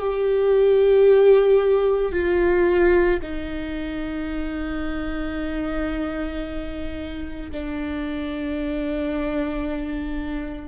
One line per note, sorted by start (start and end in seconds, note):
0.00 2.12 G4
2.12 3.19 F4
3.22 7.51 D#4
7.51 10.68 D4